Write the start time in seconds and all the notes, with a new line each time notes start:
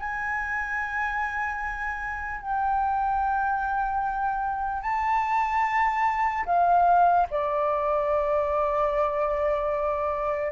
0.00 G#5
2.41 G5
4.83 A5
6.46 F5
7.30 D5